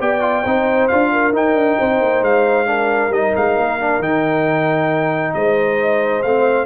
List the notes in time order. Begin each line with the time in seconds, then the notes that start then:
0.00 B3 G4 D5 G5
0.21 F4
0.43 C4 D#4 C5
0.88 D4 F4 F5
1.12 A#4
1.33 D#4 G5
1.54 D4
1.79 C4 C5
2.01 A#3
2.22 G#3 F5
2.66 D4 A#4
3.10 G3 D#4 D#5
3.36 G#3 F5
3.57 A#3
3.80 D4
3.99 D#3 D#4 G5
5.34 G#3 C5 D#5
6.22 A3 C4 F5